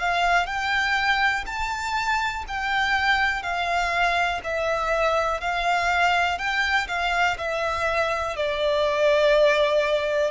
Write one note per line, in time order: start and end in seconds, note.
0.00 0.46 F5
0.46 1.44 G5
1.46 2.45 A5
2.48 3.42 G5
3.42 4.41 F5
4.44 5.41 E5
5.41 6.38 F5
6.38 6.88 G5
6.88 7.37 F5
7.38 8.36 E5
8.37 10.31 D5